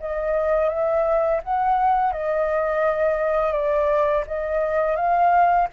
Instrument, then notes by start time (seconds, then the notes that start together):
flute
0.00 D#5
0.69 E5
1.43 F#5
2.13 D#5
3.53 D5
4.27 D#5
4.96 F5